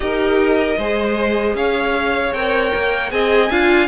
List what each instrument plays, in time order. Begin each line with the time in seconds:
0.00 cello D#4, viola G4, violin A#4 D#5
0.77 cello G#3, viola G#4, violin C5
1.53 cello C#4, violin C#5 F5
2.32 cello C4, viola A#4, violin G5
2.75 cello A#3
3.09 cello C4, viola G#4, violin D#5 G#5
3.49 cello D4, viola F4, violin F5